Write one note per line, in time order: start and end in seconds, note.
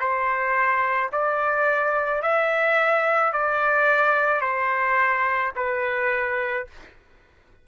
0.00 1.11 C5
1.12 2.22 D5
2.22 3.33 E5
3.33 4.41 D5
4.41 5.53 C5
5.56 6.67 B4